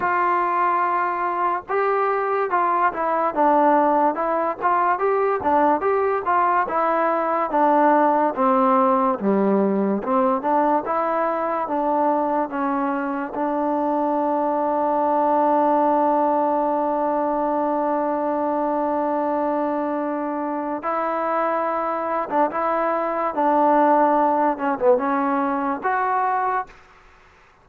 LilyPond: \new Staff \with { instrumentName = "trombone" } { \time 4/4 \tempo 4 = 72 f'2 g'4 f'8 e'8 | d'4 e'8 f'8 g'8 d'8 g'8 f'8 | e'4 d'4 c'4 g4 | c'8 d'8 e'4 d'4 cis'4 |
d'1~ | d'1~ | d'4 e'4.~ e'16 d'16 e'4 | d'4. cis'16 b16 cis'4 fis'4 | }